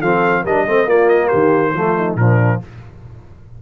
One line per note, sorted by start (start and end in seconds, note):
0.00 0.45 F3
0.00 0.46 C4
0.00 0.43 A4
0.00 0.45 F5
0.43 0.67 G3
0.43 0.67 D4
0.43 0.65 A#4
0.43 0.89 D#5
0.67 0.86 A3
0.67 0.88 C4
0.67 0.87 C5
0.86 1.29 A#3
0.86 1.75 A#3
0.86 1.28 F4
0.86 1.09 D5
1.09 1.28 D#5
1.28 1.74 D#3
1.28 1.71 G4
1.28 2.14 C5
1.74 2.15 F3
1.74 2.18 A3
1.74 1.97 F4
1.97 2.18 D#4
2.15 2.58 A#2
2.15 2.62 F3
2.15 2.62 D4
2.15 2.60 A#4